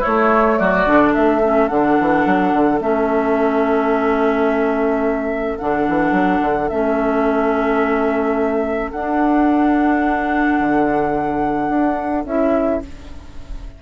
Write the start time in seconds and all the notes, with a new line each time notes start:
0.00 A3 E4 C#5
0.58 F#3 F#4 D5
0.86 D3 D4
1.11 A3 A4 E5
1.42 C#4
1.68 D3 D4 F#5
2.00 E3
2.25 F#3
2.53 D3
2.80 A3 C#4 E5
5.58 D3 D4 F#5
5.88 E3
6.11 F#3
6.41 D3
6.68 A3 C#4 E5
8.91 D4 F#5
10.59 D3
11.68 D4
12.25 C#4 E4 E5